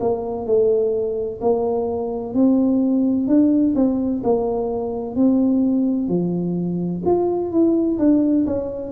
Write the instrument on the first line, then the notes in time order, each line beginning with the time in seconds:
tuba
0.00 A#3
0.46 A3
1.41 A#3
2.34 C4
3.27 D4
3.75 C4
4.24 A#3
5.16 C4
6.08 F3
7.05 F4
7.51 E4
7.99 D4
8.46 C#4